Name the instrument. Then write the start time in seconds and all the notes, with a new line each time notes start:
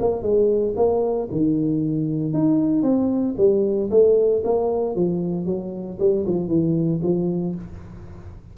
tuba
0.00 A#3
0.22 G#3
0.76 A#3
1.31 D#3
2.33 D#4
2.83 C4
3.38 G3
3.91 A3
4.44 A#3
4.96 F3
5.46 F#3
6.00 G3
6.27 F3
6.48 E3
7.03 F3